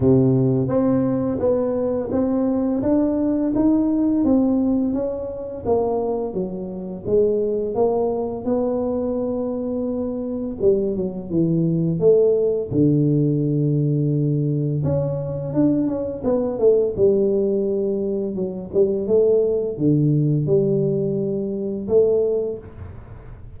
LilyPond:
\new Staff \with { instrumentName = "tuba" } { \time 4/4 \tempo 4 = 85 c4 c'4 b4 c'4 | d'4 dis'4 c'4 cis'4 | ais4 fis4 gis4 ais4 | b2. g8 fis8 |
e4 a4 d2~ | d4 cis'4 d'8 cis'8 b8 a8 | g2 fis8 g8 a4 | d4 g2 a4 | }